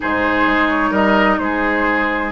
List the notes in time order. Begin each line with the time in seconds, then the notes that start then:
0.00 G#2 D#4 G#4 C5
0.46 G#3
0.69 C#5
0.90 G3 A#4 D#5
1.38 G#3 G#4 C5